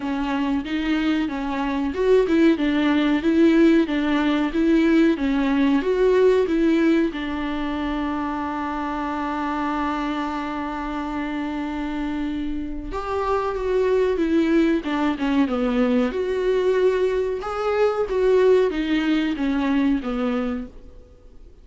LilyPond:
\new Staff \with { instrumentName = "viola" } { \time 4/4 \tempo 4 = 93 cis'4 dis'4 cis'4 fis'8 e'8 | d'4 e'4 d'4 e'4 | cis'4 fis'4 e'4 d'4~ | d'1~ |
d'1 | g'4 fis'4 e'4 d'8 cis'8 | b4 fis'2 gis'4 | fis'4 dis'4 cis'4 b4 | }